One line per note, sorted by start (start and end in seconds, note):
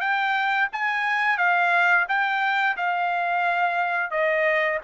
0.00 0.68 G5
0.72 1.37 G#5
1.37 2.05 F5
2.08 2.76 G5
2.77 4.11 F5
4.11 4.79 D#5